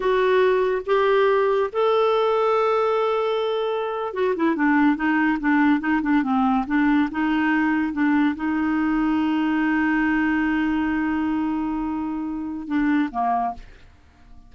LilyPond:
\new Staff \with { instrumentName = "clarinet" } { \time 4/4 \tempo 4 = 142 fis'2 g'2 | a'1~ | a'4.~ a'16 fis'8 e'8 d'4 dis'16~ | dis'8. d'4 dis'8 d'8 c'4 d'16~ |
d'8. dis'2 d'4 dis'16~ | dis'1~ | dis'1~ | dis'2 d'4 ais4 | }